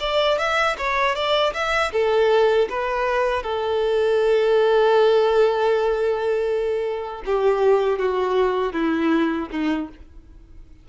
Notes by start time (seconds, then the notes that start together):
0.00 D5
0.38 E5
0.78 C#5
1.15 D5
1.54 E5
1.92 A4
2.69 B4
3.43 A4
7.26 G4
7.99 F#4
8.73 E4
9.51 D#4